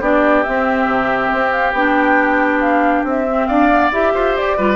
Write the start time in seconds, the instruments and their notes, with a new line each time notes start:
0.00 bassoon B3, clarinet D4, oboe G4, flute D5
0.43 clarinet C4, bassoon C4, flute E5
0.87 bassoon C3
1.33 bassoon C4
1.51 flute F5
1.73 bassoon B3, clarinet D4, flute G5
2.60 flute F5
3.04 bassoon C4, flute E5
3.28 clarinet C4
3.47 bassoon D4, oboe D5, flute F5
3.71 clarinet B3
3.92 bassoon E4, clarinet G4, flute E5
4.14 bassoon F4, oboe C5
4.37 bassoon G4, flute D5
4.57 bassoon G3, clarinet F4, oboe B4